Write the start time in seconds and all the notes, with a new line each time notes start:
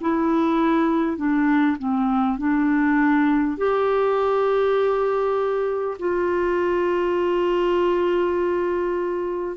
0.00 E4
1.17 D4
1.78 C4
2.38 D4
3.57 G4
5.99 F4